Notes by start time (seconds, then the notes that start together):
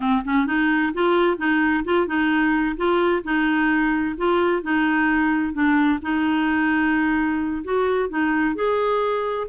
0.00 C4
0.24 C#4
0.46 D#4
0.93 F4
1.37 D#4
1.84 F4
2.06 D#4
2.76 F4
3.23 D#4
4.17 F4
4.62 D#4
5.53 D4
6.01 D#4
7.64 F#4
8.09 D#4
8.55 G#4